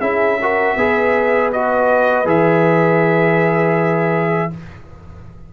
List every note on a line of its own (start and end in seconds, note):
0.00 0.75 C#4
0.00 0.38 E4
0.00 0.38 G#4
0.00 1.50 E5
0.41 0.78 F#4
0.41 0.77 A#4
0.76 2.25 B3
0.76 1.53 G#4
0.76 4.52 B4
1.52 2.25 F#4
1.52 2.27 D#5
2.25 4.50 E3
2.25 4.50 G#4
2.25 4.53 E5